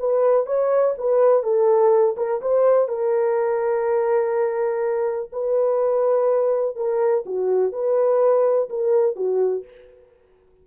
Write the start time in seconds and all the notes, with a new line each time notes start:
0.00 B4
0.46 C#5
0.98 B4
1.43 A4
2.17 A#4
2.42 C5
2.89 A#4
5.33 B4
6.76 A#4
7.26 F#4
7.73 B4
8.70 A#4
9.16 F#4